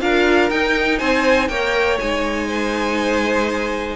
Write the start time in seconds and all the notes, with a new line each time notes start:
0.00 D4 F4 A#4 F5
0.49 D#4 G5
0.98 C4 C5 G#5
1.48 A#3 A#4 C#5 G5
1.99 G#3 D#4 G#5
2.47 C5